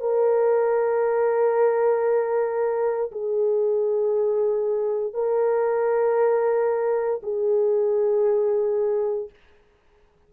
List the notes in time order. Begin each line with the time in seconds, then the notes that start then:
0.00 A#4
3.12 G#4
5.13 A#4
7.23 G#4